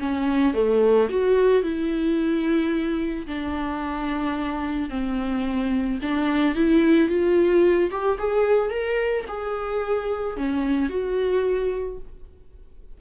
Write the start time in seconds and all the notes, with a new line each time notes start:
0.00 C#4
0.54 A3
1.10 F#4
1.63 E4
3.27 D4
4.90 C4
6.02 D4
6.56 E4
7.09 F4
7.91 G4
8.19 G#4
8.70 A#4
9.28 G#4
10.37 C#4
10.90 F#4